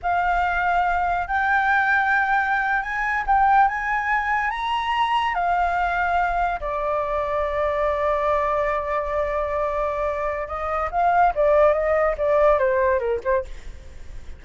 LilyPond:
\new Staff \with { instrumentName = "flute" } { \time 4/4 \tempo 4 = 143 f''2. g''4~ | g''2~ g''8. gis''4 g''16~ | g''8. gis''2 ais''4~ ais''16~ | ais''8. f''2. d''16~ |
d''1~ | d''1~ | d''4 dis''4 f''4 d''4 | dis''4 d''4 c''4 ais'8 c''8 | }